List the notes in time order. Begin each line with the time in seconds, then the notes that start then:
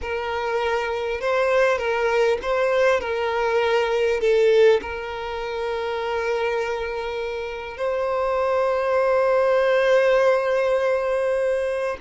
0.01 A#4
1.20 C5
1.78 A#4
2.42 C5
3.00 A#4
4.20 A4
4.81 A#4
7.77 C5